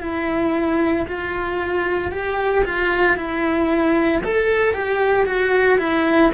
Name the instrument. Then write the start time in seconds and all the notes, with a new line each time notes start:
cello
0.00 E4
1.07 F4
2.11 G4
2.64 F4
3.16 E4
4.23 A4
4.73 G4
5.25 F#4
5.78 E4